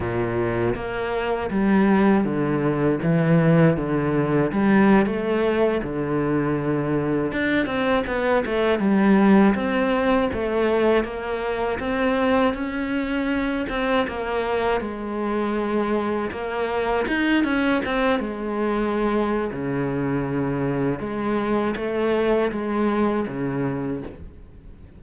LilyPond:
\new Staff \with { instrumentName = "cello" } { \time 4/4 \tempo 4 = 80 ais,4 ais4 g4 d4 | e4 d4 g8. a4 d16~ | d4.~ d16 d'8 c'8 b8 a8 g16~ | g8. c'4 a4 ais4 c'16~ |
c'8. cis'4. c'8 ais4 gis16~ | gis4.~ gis16 ais4 dis'8 cis'8 c'16~ | c'16 gis4.~ gis16 cis2 | gis4 a4 gis4 cis4 | }